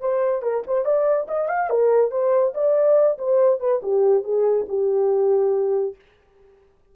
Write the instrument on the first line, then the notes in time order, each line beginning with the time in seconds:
horn
0.00 C5
0.42 A#4
0.67 C5
0.85 D5
1.27 D#5
1.48 F5
1.70 A#4
2.11 C5
2.54 D5
3.18 C5
3.60 B4
3.82 G4
4.24 G#4
4.68 G4